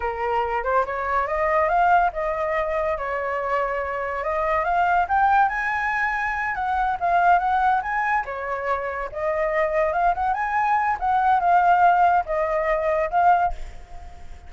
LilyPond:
\new Staff \with { instrumentName = "flute" } { \time 4/4 \tempo 4 = 142 ais'4. c''8 cis''4 dis''4 | f''4 dis''2 cis''4~ | cis''2 dis''4 f''4 | g''4 gis''2~ gis''8 fis''8~ |
fis''8 f''4 fis''4 gis''4 cis''8~ | cis''4. dis''2 f''8 | fis''8 gis''4. fis''4 f''4~ | f''4 dis''2 f''4 | }